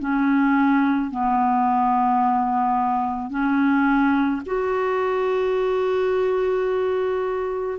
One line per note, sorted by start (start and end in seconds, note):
0.00 1.11 C#4
1.11 3.30 B3
3.30 4.41 C#4
4.45 7.78 F#4